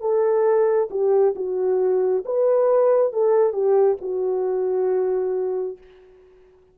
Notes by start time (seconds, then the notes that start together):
0.00 A4
0.90 G4
1.35 F#4
2.25 B4
3.12 A4
3.53 G4
4.01 F#4